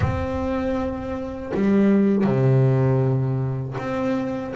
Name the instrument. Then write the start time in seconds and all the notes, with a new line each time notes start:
double bass
0.00 C4
1.54 G3
2.24 C3
3.78 C4